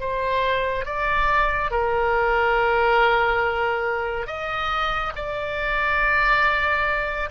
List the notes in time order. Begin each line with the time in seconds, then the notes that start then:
0.00 C5
0.85 D5
1.71 A#4
4.27 D#5
5.15 D5